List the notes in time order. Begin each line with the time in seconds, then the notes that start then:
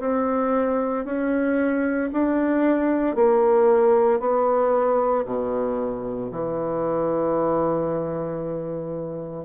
0.00 C4
1.05 C#4
2.12 D4
3.15 A#3
4.20 B3
5.25 B2
6.32 E3